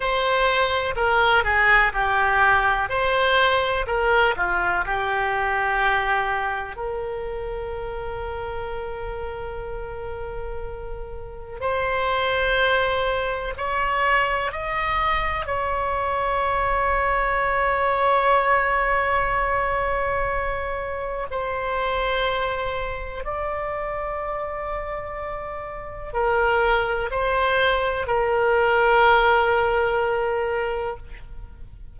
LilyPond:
\new Staff \with { instrumentName = "oboe" } { \time 4/4 \tempo 4 = 62 c''4 ais'8 gis'8 g'4 c''4 | ais'8 f'8 g'2 ais'4~ | ais'1 | c''2 cis''4 dis''4 |
cis''1~ | cis''2 c''2 | d''2. ais'4 | c''4 ais'2. | }